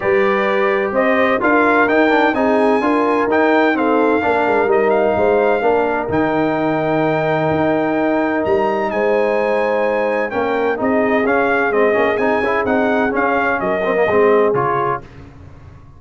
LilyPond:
<<
  \new Staff \with { instrumentName = "trumpet" } { \time 4/4 \tempo 4 = 128 d''2 dis''4 f''4 | g''4 gis''2 g''4 | f''2 dis''8 f''4.~ | f''4 g''2.~ |
g''2 ais''4 gis''4~ | gis''2 g''4 dis''4 | f''4 dis''4 gis''4 fis''4 | f''4 dis''2 cis''4 | }
  \new Staff \with { instrumentName = "horn" } { \time 4/4 b'2 c''4 ais'4~ | ais'4 gis'4 ais'2 | a'4 ais'2 c''4 | ais'1~ |
ais'2. c''4~ | c''2 ais'4 gis'4~ | gis'1~ | gis'4 ais'4 gis'2 | }
  \new Staff \with { instrumentName = "trombone" } { \time 4/4 g'2. f'4 | dis'8 d'8 dis'4 f'4 dis'4 | c'4 d'4 dis'2 | d'4 dis'2.~ |
dis'1~ | dis'2 cis'4 dis'4 | cis'4 c'8 cis'8 dis'8 e'8 dis'4 | cis'4. c'16 ais16 c'4 f'4 | }
  \new Staff \with { instrumentName = "tuba" } { \time 4/4 g2 c'4 d'4 | dis'4 c'4 d'4 dis'4~ | dis'4 ais8 gis8 g4 gis4 | ais4 dis2. |
dis'2 g4 gis4~ | gis2 ais4 c'4 | cis'4 gis8 ais8 c'8 cis'8 c'4 | cis'4 fis4 gis4 cis4 | }
>>